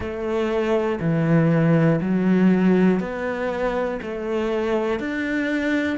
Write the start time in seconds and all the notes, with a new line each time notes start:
0.00 A3
1.00 E3
2.01 F#3
3.00 B3
4.01 A3
5.00 D4